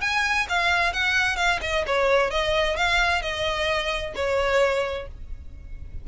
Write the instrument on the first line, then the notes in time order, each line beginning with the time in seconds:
violin
0.00 G#5
0.48 F5
0.93 F#5
1.36 F5
1.61 D#5
1.86 C#5
2.30 D#5
2.76 F5
3.21 D#5
4.15 C#5